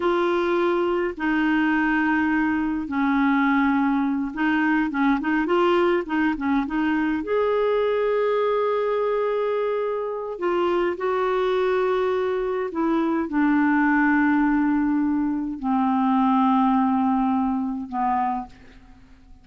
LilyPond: \new Staff \with { instrumentName = "clarinet" } { \time 4/4 \tempo 4 = 104 f'2 dis'2~ | dis'4 cis'2~ cis'8 dis'8~ | dis'8 cis'8 dis'8 f'4 dis'8 cis'8 dis'8~ | dis'8 gis'2.~ gis'8~ |
gis'2 f'4 fis'4~ | fis'2 e'4 d'4~ | d'2. c'4~ | c'2. b4 | }